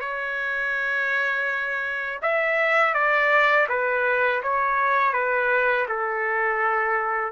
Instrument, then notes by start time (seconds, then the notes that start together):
trumpet
0.00 C#5
2.22 E5
2.94 D5
3.69 B4
4.42 C#5
5.13 B4
5.88 A4